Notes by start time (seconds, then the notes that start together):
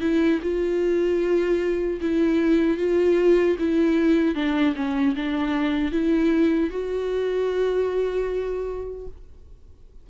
0.00 E4
0.42 F4
2.01 E4
2.77 F4
3.58 E4
4.35 D4
4.75 C#4
5.15 D4
5.91 E4
6.70 F#4